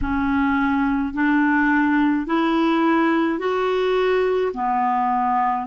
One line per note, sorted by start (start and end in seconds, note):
0.01 1.13 C#4
1.13 2.26 D4
2.26 3.38 E4
3.38 4.51 F#4
4.53 5.66 B3